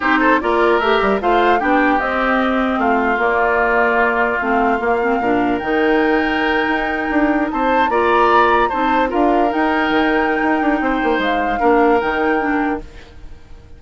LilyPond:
<<
  \new Staff \with { instrumentName = "flute" } { \time 4/4 \tempo 4 = 150 c''4 d''4 e''4 f''4 | g''4 dis''2 f''4 | d''2. f''4~ | f''2 g''2~ |
g''2~ g''8. a''4 ais''16~ | ais''4.~ ais''16 a''4 f''4 g''16~ | g''1 | f''2 g''2 | }
  \new Staff \with { instrumentName = "oboe" } { \time 4/4 g'8 a'8 ais'2 c''4 | g'2. f'4~ | f'1~ | f'4 ais'2.~ |
ais'2~ ais'8. c''4 d''16~ | d''4.~ d''16 c''4 ais'4~ ais'16~ | ais'2. c''4~ | c''4 ais'2. | }
  \new Staff \with { instrumentName = "clarinet" } { \time 4/4 dis'4 f'4 g'4 f'4 | d'4 c'2. | ais2. c'4 | ais8 c'8 d'4 dis'2~ |
dis'2.~ dis'8. f'16~ | f'4.~ f'16 dis'4 f'4 dis'16~ | dis'1~ | dis'4 d'4 dis'4 d'4 | }
  \new Staff \with { instrumentName = "bassoon" } { \time 4/4 c'4 ais4 a8 g8 a4 | b4 c'2 a4 | ais2. a4 | ais4 ais,4 dis2~ |
dis8. dis'4 d'4 c'4 ais16~ | ais4.~ ais16 c'4 d'4 dis'16~ | dis'8. dis4~ dis16 dis'8 d'8 c'8 ais8 | gis4 ais4 dis2 | }
>>